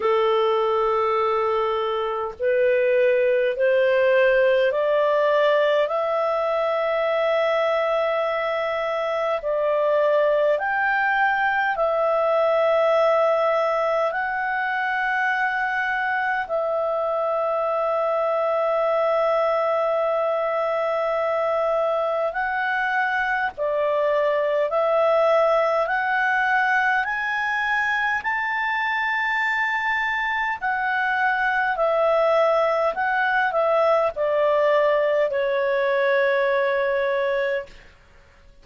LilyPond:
\new Staff \with { instrumentName = "clarinet" } { \time 4/4 \tempo 4 = 51 a'2 b'4 c''4 | d''4 e''2. | d''4 g''4 e''2 | fis''2 e''2~ |
e''2. fis''4 | d''4 e''4 fis''4 gis''4 | a''2 fis''4 e''4 | fis''8 e''8 d''4 cis''2 | }